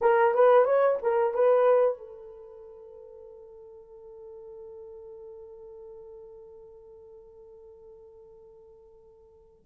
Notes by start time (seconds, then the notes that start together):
0.01 A#4
0.34 B4
0.64 C#5
1.02 A#4
1.34 B4
1.98 A4